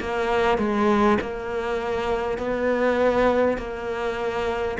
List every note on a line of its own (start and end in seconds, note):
0.00 0.58 A#3
0.58 1.18 G#3
1.21 2.38 A#3
2.38 3.57 B3
3.57 4.77 A#3